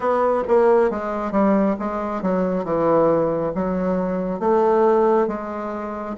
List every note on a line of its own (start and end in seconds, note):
0.00 0.43 B3
0.47 0.90 A#3
0.90 1.31 G#3
1.31 1.75 G3
1.79 2.21 G#3
2.21 2.64 F#3
2.64 3.53 E3
3.55 4.39 F#3
4.39 5.27 A3
5.27 6.16 G#3